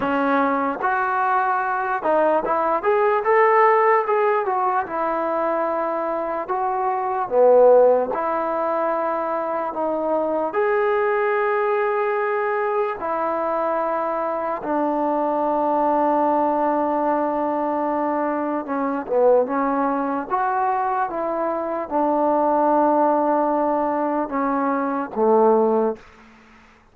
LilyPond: \new Staff \with { instrumentName = "trombone" } { \time 4/4 \tempo 4 = 74 cis'4 fis'4. dis'8 e'8 gis'8 | a'4 gis'8 fis'8 e'2 | fis'4 b4 e'2 | dis'4 gis'2. |
e'2 d'2~ | d'2. cis'8 b8 | cis'4 fis'4 e'4 d'4~ | d'2 cis'4 a4 | }